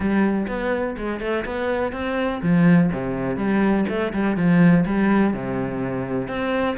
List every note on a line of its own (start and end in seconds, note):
0.00 0.46 G3
0.47 0.95 B3
0.97 1.20 G#3
1.20 1.44 A3
1.45 1.92 B3
1.92 2.40 C4
2.42 2.91 F3
2.93 3.37 C3
3.37 3.85 G3
3.88 4.13 A3
4.13 4.36 G3
4.36 4.84 F3
4.86 5.33 G3
5.33 6.28 C3
6.28 6.76 C4